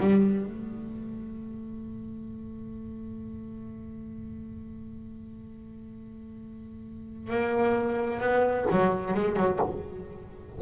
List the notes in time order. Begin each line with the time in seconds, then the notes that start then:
0.00 G3
0.46 A3
7.30 A#3
8.21 B3
8.71 F#3
9.14 G#3
9.37 F#3